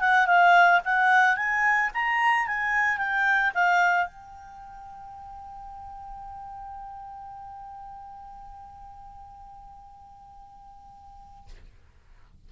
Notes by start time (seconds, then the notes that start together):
0.00 F#5
0.27 F5
0.85 F#5
1.37 G#5
1.94 A#5
2.47 G#5
2.98 G5
3.55 F5
4.07 G5